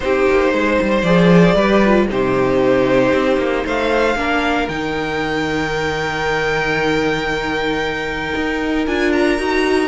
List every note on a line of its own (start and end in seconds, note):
0.00 0.26 C4
0.00 1.05 D#4
0.00 0.53 G4
0.00 1.02 C5
0.30 0.53 A#3
0.53 0.79 G#3
0.53 1.55 C5
0.81 1.02 G3
1.02 1.54 F3
1.02 1.57 G#4
1.02 2.06 D5
1.54 2.06 G3
1.54 1.84 G4
1.54 2.07 B4
1.85 2.09 F4
2.09 3.12 C3
2.09 4.16 D#4
2.09 3.65 G4
2.09 3.67 C5
3.12 3.37 C4
3.37 3.63 A#3
3.65 4.15 A3
3.65 4.17 C5
3.65 4.68 F5
4.15 4.67 A#3
4.15 4.68 D4
4.15 9.88 A#4
4.68 8.33 D#3
4.68 8.87 D#4
4.68 8.86 G5
8.35 8.86 D#4
8.86 9.38 D4
8.86 9.38 F4
8.86 9.12 G#5
9.12 9.88 A#5
9.38 9.88 D#4
9.38 9.88 F#4